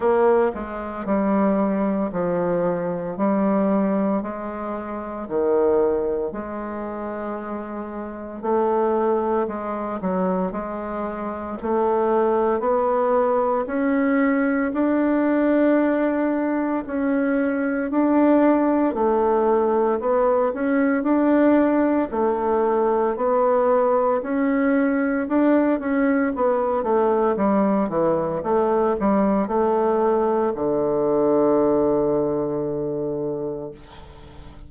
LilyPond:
\new Staff \with { instrumentName = "bassoon" } { \time 4/4 \tempo 4 = 57 ais8 gis8 g4 f4 g4 | gis4 dis4 gis2 | a4 gis8 fis8 gis4 a4 | b4 cis'4 d'2 |
cis'4 d'4 a4 b8 cis'8 | d'4 a4 b4 cis'4 | d'8 cis'8 b8 a8 g8 e8 a8 g8 | a4 d2. | }